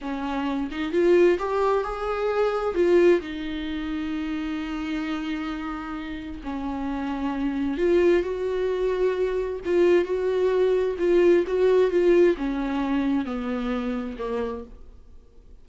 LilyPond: \new Staff \with { instrumentName = "viola" } { \time 4/4 \tempo 4 = 131 cis'4. dis'8 f'4 g'4 | gis'2 f'4 dis'4~ | dis'1~ | dis'2 cis'2~ |
cis'4 f'4 fis'2~ | fis'4 f'4 fis'2 | f'4 fis'4 f'4 cis'4~ | cis'4 b2 ais4 | }